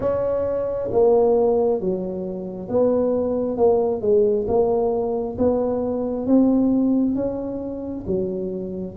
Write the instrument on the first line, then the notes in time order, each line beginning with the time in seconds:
tuba
0.00 C#4
0.91 A#3
1.80 F#3
2.68 B3
3.57 A#3
4.01 G#3
4.47 A#3
5.37 B3
6.26 C4
7.15 C#4
8.06 F#3